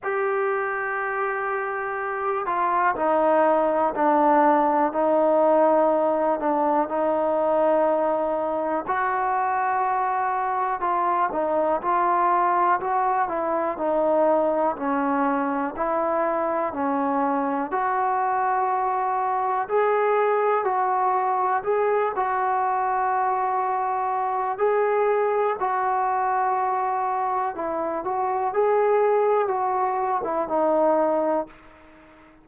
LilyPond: \new Staff \with { instrumentName = "trombone" } { \time 4/4 \tempo 4 = 61 g'2~ g'8 f'8 dis'4 | d'4 dis'4. d'8 dis'4~ | dis'4 fis'2 f'8 dis'8 | f'4 fis'8 e'8 dis'4 cis'4 |
e'4 cis'4 fis'2 | gis'4 fis'4 gis'8 fis'4.~ | fis'4 gis'4 fis'2 | e'8 fis'8 gis'4 fis'8. e'16 dis'4 | }